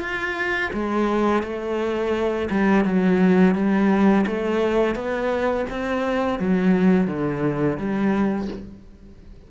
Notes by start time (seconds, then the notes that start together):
0.00 F4
0.73 G#3
1.43 A3
2.51 G3
2.85 F#3
3.55 G3
4.26 A3
4.95 B3
5.70 C4
6.39 F#3
7.07 D3
7.77 G3